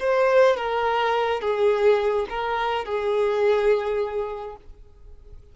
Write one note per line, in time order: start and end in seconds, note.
0.00 0.57 C5
0.57 1.41 A#4
1.41 2.27 G#4
2.30 2.85 A#4
2.85 4.56 G#4